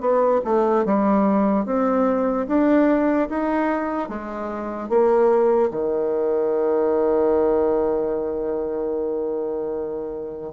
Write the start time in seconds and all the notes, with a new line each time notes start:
0.00 B3
0.44 A3
0.85 G3
1.65 C4
2.47 D4
3.29 D#4
4.08 G#3
4.89 A#3
5.70 D#3